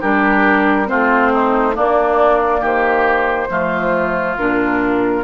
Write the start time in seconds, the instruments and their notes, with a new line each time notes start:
0.00 bassoon G3, clarinet D4, oboe G4, flute A#4
0.86 bassoon A3, clarinet C4, oboe F4, flute C5
1.32 oboe D#4
1.74 clarinet A#3, bassoon A#3, oboe D4, flute D5
2.60 bassoon D#3, oboe G4, flute C5
3.49 bassoon F3, clarinet A3, oboe F4
4.37 bassoon A#2, clarinet D4, flute A#4